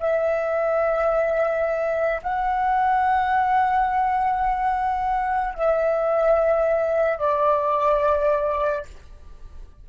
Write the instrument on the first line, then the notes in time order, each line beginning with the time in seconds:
flute
0.00 E5
2.23 F#5
5.55 E5
7.19 D5